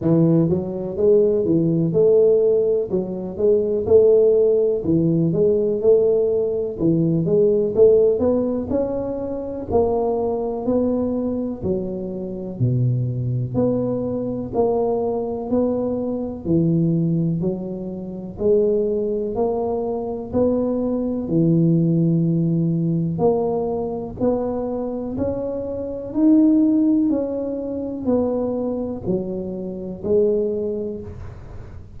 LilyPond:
\new Staff \with { instrumentName = "tuba" } { \time 4/4 \tempo 4 = 62 e8 fis8 gis8 e8 a4 fis8 gis8 | a4 e8 gis8 a4 e8 gis8 | a8 b8 cis'4 ais4 b4 | fis4 b,4 b4 ais4 |
b4 e4 fis4 gis4 | ais4 b4 e2 | ais4 b4 cis'4 dis'4 | cis'4 b4 fis4 gis4 | }